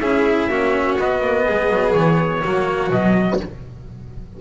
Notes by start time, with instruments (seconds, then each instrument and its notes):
0.00 double bass C#4, cello E4, violin G#4, trumpet E5
0.48 double bass A#3, cello C#4, violin F#4
0.99 double bass B3, cello B3, trumpet D#5
1.21 double bass A#3
1.45 double bass G#3, violin G#4
1.69 double bass F#3
1.93 double bass E3, trumpet C#5
2.42 double bass F#3, cello A#3, violin F#4
2.90 double bass B2, cello F#3, trumpet D#5